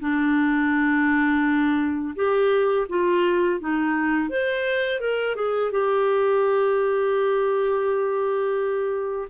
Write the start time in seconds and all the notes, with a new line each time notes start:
0.00 D4
2.15 G4
2.89 F4
3.60 D#4
4.29 C5
5.00 A#4
5.35 G#4
5.71 G4